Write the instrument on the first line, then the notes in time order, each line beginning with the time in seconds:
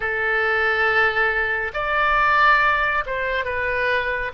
oboe
0.00 A4
1.74 D5
3.06 C5
3.44 B4